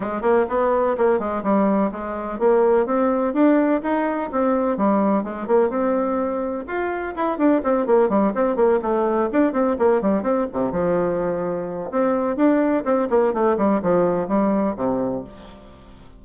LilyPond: \new Staff \with { instrumentName = "bassoon" } { \time 4/4 \tempo 4 = 126 gis8 ais8 b4 ais8 gis8 g4 | gis4 ais4 c'4 d'4 | dis'4 c'4 g4 gis8 ais8 | c'2 f'4 e'8 d'8 |
c'8 ais8 g8 c'8 ais8 a4 d'8 | c'8 ais8 g8 c'8 c8 f4.~ | f4 c'4 d'4 c'8 ais8 | a8 g8 f4 g4 c4 | }